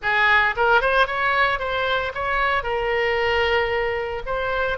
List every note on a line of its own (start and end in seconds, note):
0.02 0.55 G#4
0.56 0.81 A#4
0.81 1.06 C5
1.06 1.59 C#5
1.59 2.12 C5
2.14 2.63 C#5
2.63 4.22 A#4
4.26 4.78 C5